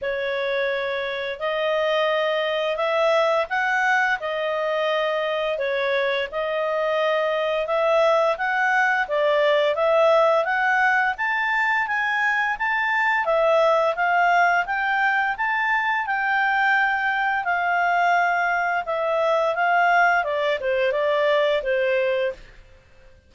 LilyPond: \new Staff \with { instrumentName = "clarinet" } { \time 4/4 \tempo 4 = 86 cis''2 dis''2 | e''4 fis''4 dis''2 | cis''4 dis''2 e''4 | fis''4 d''4 e''4 fis''4 |
a''4 gis''4 a''4 e''4 | f''4 g''4 a''4 g''4~ | g''4 f''2 e''4 | f''4 d''8 c''8 d''4 c''4 | }